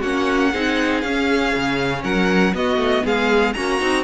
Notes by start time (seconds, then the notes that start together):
0.00 A#3 C#4 F#4 F#5
0.51 C4 D#4 G#4
1.01 C#4 F5
1.55 C#3
2.03 F#3 A#4 F#5
2.54 B3 F#4 D#5
2.77 A3
3.05 G#3 G#4 F5
3.53 A#3 C#4 F#4 A#5
3.80 C4 D#4